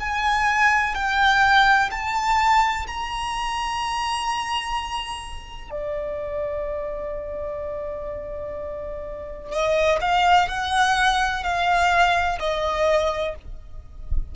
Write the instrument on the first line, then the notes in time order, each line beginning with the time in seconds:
violin
0.00 G#5
0.95 G5
1.91 A5
2.87 A#5
5.71 D5
9.52 D#5
10.01 F5
10.48 F#5
11.44 F5
12.40 D#5